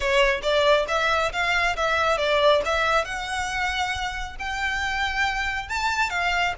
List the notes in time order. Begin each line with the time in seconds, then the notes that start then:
0.00 C#5
0.42 D5
0.88 E5
1.32 F5
1.76 E5
2.17 D5
2.65 E5
3.04 F#5
4.39 G5
5.69 A5
6.10 F5